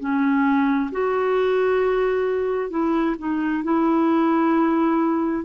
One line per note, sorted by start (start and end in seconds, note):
0.00 0.91 C#4
0.92 2.71 F#4
2.71 3.16 E4
3.19 3.64 D#4
3.64 5.45 E4